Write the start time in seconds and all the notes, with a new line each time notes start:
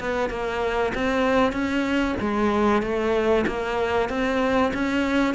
0.00 B3
0.30 A#3
0.95 C4
1.52 C#4
2.20 G#3
2.82 A3
3.47 A#3
4.09 C4
4.74 C#4